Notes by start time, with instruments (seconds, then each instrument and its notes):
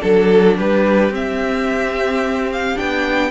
0.00 cello F#3, viola D4, violin A4
0.56 cello G3, violin G4 B4
1.09 cello C4, viola C4, violin E5
2.52 violin F5
2.75 cello B3, viola D4, violin G5